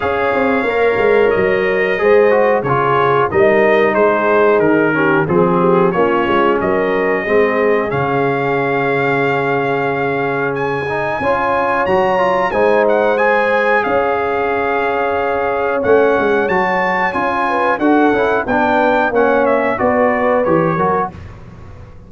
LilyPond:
<<
  \new Staff \with { instrumentName = "trumpet" } { \time 4/4 \tempo 4 = 91 f''2 dis''2 | cis''4 dis''4 c''4 ais'4 | gis'4 cis''4 dis''2 | f''1 |
gis''2 ais''4 gis''8 fis''8 | gis''4 f''2. | fis''4 a''4 gis''4 fis''4 | g''4 fis''8 e''8 d''4 cis''4 | }
  \new Staff \with { instrumentName = "horn" } { \time 4/4 cis''2. c''4 | gis'4 ais'4 gis'4. g'8 | gis'8 g'8 f'4 ais'4 gis'4~ | gis'1~ |
gis'4 cis''2 c''4~ | c''4 cis''2.~ | cis''2~ cis''8 b'8 a'4 | b'4 cis''4 b'4. ais'8 | }
  \new Staff \with { instrumentName = "trombone" } { \time 4/4 gis'4 ais'2 gis'8 fis'8 | f'4 dis'2~ dis'8 cis'8 | c'4 cis'2 c'4 | cis'1~ |
cis'8 dis'8 f'4 fis'8 f'8 dis'4 | gis'1 | cis'4 fis'4 f'4 fis'8 e'8 | d'4 cis'4 fis'4 g'8 fis'8 | }
  \new Staff \with { instrumentName = "tuba" } { \time 4/4 cis'8 c'8 ais8 gis8 fis4 gis4 | cis4 g4 gis4 dis4 | f4 ais8 gis8 fis4 gis4 | cis1~ |
cis4 cis'4 fis4 gis4~ | gis4 cis'2. | a8 gis8 fis4 cis'4 d'8 cis'8 | b4 ais4 b4 e8 fis8 | }
>>